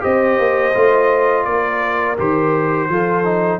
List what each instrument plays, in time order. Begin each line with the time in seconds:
0.00 tuba C4, trombone G4, horn C5, trumpet D#5
0.39 tuba A#3
0.74 tuba A3, trombone F4
1.44 tuba A#3, trumpet D5
1.51 horn A#4
2.18 tuba D#3, trombone G4, trumpet C5
2.89 tuba F3, trombone F4, horn A4
3.24 trombone D#4